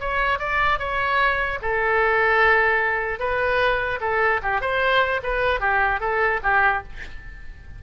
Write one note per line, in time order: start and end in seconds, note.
0.00 0.39 C#5
0.39 0.79 D5
0.79 1.59 C#5
1.61 3.19 A4
3.19 3.99 B4
4.00 4.40 A4
4.42 4.61 G4
4.61 5.21 C5
5.23 5.60 B4
5.60 6.00 G4
6.00 6.40 A4
6.43 6.83 G4